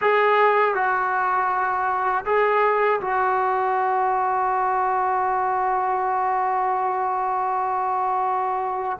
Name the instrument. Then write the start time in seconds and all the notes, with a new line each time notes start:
trombone
0.01 G#4
0.74 F#4
2.25 G#4
3.00 F#4